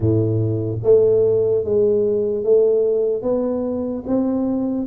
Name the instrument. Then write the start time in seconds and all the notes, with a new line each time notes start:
tuba
0.00 A2
0.83 A3
1.64 G#3
2.44 A3
3.22 B3
4.07 C4